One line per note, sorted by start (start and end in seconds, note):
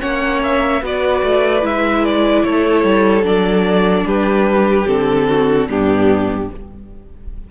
0.00 0.82 A#3
0.00 0.81 C#4
0.00 0.82 C#5
0.00 0.41 F#5
0.43 0.84 E5
0.82 1.22 B3
0.82 1.61 F#4
0.82 2.45 B4
0.82 1.66 D5
1.23 1.63 A3
1.61 2.44 G#3
1.61 3.23 E4
1.61 2.05 E5
2.05 2.44 D5
2.44 2.84 A3
2.44 4.06 A4
2.44 3.25 C#5
2.84 3.23 G3
3.23 4.05 F#3
3.23 4.85 D4
3.23 4.07 D5
4.05 4.86 G3
4.05 5.28 G4
4.05 4.87 B4
4.87 5.69 D3
4.87 5.68 C4
4.87 5.69 A4
5.28 5.69 F#4
5.69 6.50 G2
5.69 6.50 B3
5.69 6.51 D4
5.69 6.51 G4